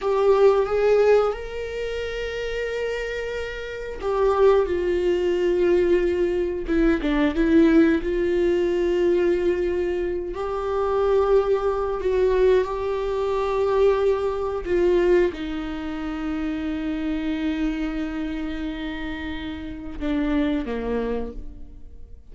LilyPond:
\new Staff \with { instrumentName = "viola" } { \time 4/4 \tempo 4 = 90 g'4 gis'4 ais'2~ | ais'2 g'4 f'4~ | f'2 e'8 d'8 e'4 | f'2.~ f'8 g'8~ |
g'2 fis'4 g'4~ | g'2 f'4 dis'4~ | dis'1~ | dis'2 d'4 ais4 | }